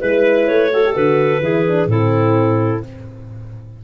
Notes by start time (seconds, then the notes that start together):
0.00 G#3 E4 B4
0.47 A3 C#5
0.73 F#4 A4
0.85 G4
0.94 D3 F#4 B4
1.40 E3 E4 G#4
1.67 D4
1.86 A2 C4 E4 A4